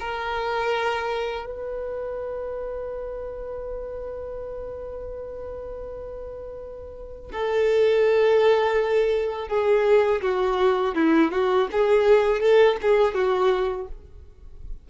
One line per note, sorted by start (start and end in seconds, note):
0.00 1.46 A#4
1.46 7.31 B4
7.32 9.48 A4
9.48 10.21 G#4
10.22 10.95 F#4
10.95 11.31 E4
11.31 11.68 F#4
11.72 12.40 G#4
12.40 12.77 A4
12.82 13.14 G#4
13.14 13.88 F#4